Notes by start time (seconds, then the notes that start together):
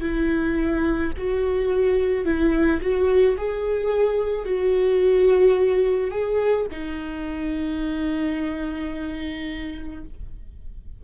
0.00 E4
1.17 F#4
2.25 E4
2.81 F#4
3.37 G#4
4.44 F#4
6.11 G#4
6.71 D#4